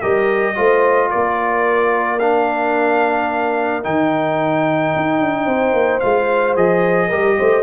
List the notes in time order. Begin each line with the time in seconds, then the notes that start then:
0.00 G3 G4 A#4 D#5
0.55 A3 F4 C5
1.10 A#3 A#4 D5
2.19 D4 F5
3.83 D#3 D#4 G5
4.96 D#4
5.21 D4
5.45 C4 C5
5.73 A#3
6.00 G#3 F4 F5
6.56 F3 G#4 D#5
7.09 G3 G4 A#4
7.39 A3 C5